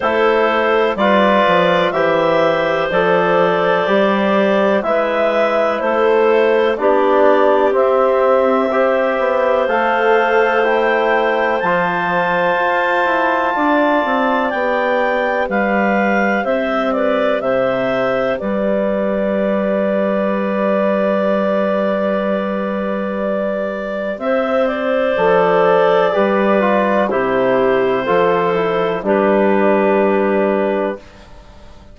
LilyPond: <<
  \new Staff \with { instrumentName = "clarinet" } { \time 4/4 \tempo 4 = 62 c''4 d''4 e''4 d''4~ | d''4 e''4 c''4 d''4 | e''2 f''4 g''4 | a''2. g''4 |
f''4 e''8 d''8 e''4 d''4~ | d''1~ | d''4 e''8 d''2~ d''8 | c''2 b'2 | }
  \new Staff \with { instrumentName = "clarinet" } { \time 4/4 a'4 b'4 c''2~ | c''4 b'4 a'4 g'4~ | g'4 c''2.~ | c''2 d''2 |
b'4 c''8 b'8 c''4 b'4~ | b'1~ | b'4 c''2 b'4 | g'4 a'4 g'2 | }
  \new Staff \with { instrumentName = "trombone" } { \time 4/4 e'4 f'4 g'4 a'4 | g'4 e'2 d'4 | c'4 g'4 a'4 e'4 | f'2. g'4~ |
g'1~ | g'1~ | g'2 a'4 g'8 f'8 | e'4 f'8 e'8 d'2 | }
  \new Staff \with { instrumentName = "bassoon" } { \time 4/4 a4 g8 f8 e4 f4 | g4 gis4 a4 b4 | c'4. b8 a2 | f4 f'8 e'8 d'8 c'8 b4 |
g4 c'4 c4 g4~ | g1~ | g4 c'4 f4 g4 | c4 f4 g2 | }
>>